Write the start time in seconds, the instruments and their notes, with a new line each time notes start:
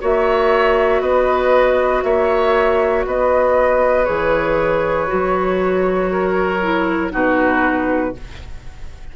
0.00 bassoon A#3, clarinet F#4, oboe C#5, flute E5
1.00 bassoon B3, oboe B4, flute D#5
2.03 bassoon A#3, oboe C#5, flute E5
3.06 bassoon B3, oboe B4, flute D#5
4.04 bassoon E3, clarinet G#4, flute C#5
5.07 bassoon F#3, clarinet F#4
6.11 oboe A#4
6.62 clarinet E4
7.11 bassoon B2, clarinet D#4, oboe F#4, flute B4